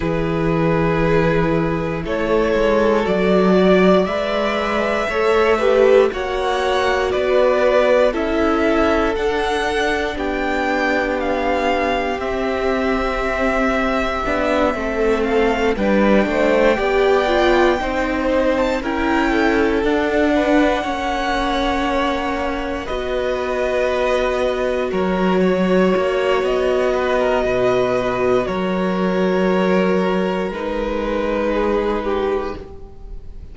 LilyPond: <<
  \new Staff \with { instrumentName = "violin" } { \time 4/4 \tempo 4 = 59 b'2 cis''4 d''4 | e''2 fis''4 d''4 | e''4 fis''4 g''4 f''4 | e''2. f''8 g''8~ |
g''2~ g''16 a''16 g''4 fis''8~ | fis''2~ fis''8 dis''4.~ | dis''8 cis''4. dis''2 | cis''2 b'2 | }
  \new Staff \with { instrumentName = "violin" } { \time 4/4 gis'2 a'4. d''8~ | d''4 cis''8 b'8 cis''4 b'4 | a'2 g'2~ | g'2~ g'8 a'4 b'8 |
c''8 d''4 c''4 ais'8 a'4 | b'8 cis''2 b'4.~ | b'8 ais'8 cis''4. b'16 ais'16 b'4 | ais'2. gis'8 g'8 | }
  \new Staff \with { instrumentName = "viola" } { \time 4/4 e'2. fis'4 | b'4 a'8 g'8 fis'2 | e'4 d'2. | c'2 d'8 c'4 d'8~ |
d'8 g'8 f'8 dis'4 e'4 d'8~ | d'8 cis'2 fis'4.~ | fis'1~ | fis'2 dis'2 | }
  \new Staff \with { instrumentName = "cello" } { \time 4/4 e2 a8 gis8 fis4 | gis4 a4 ais4 b4 | cis'4 d'4 b2 | c'2 b8 a4 g8 |
a8 b4 c'4 cis'4 d'8~ | d'8 ais2 b4.~ | b8 fis4 ais8 b4 b,4 | fis2 gis2 | }
>>